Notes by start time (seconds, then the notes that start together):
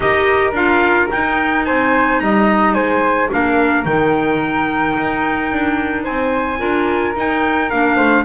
0.00 D#4 G4 A#4 D#5
0.52 D4 F4 F5
1.10 D#4 G5
1.64 C4 C5 G#5
2.20 G3 D#5 A#5
2.74 G#3 C5 G#5
3.30 A#3 D4 A#4 F5
3.85 D#3 D#4 G5
4.97 D#4
5.52 D4
6.03 C4 C5 G#5
6.58 D4 F4 A#4
7.15 D#4 G5
7.69 A#3 D4 F5
7.95 A3 C5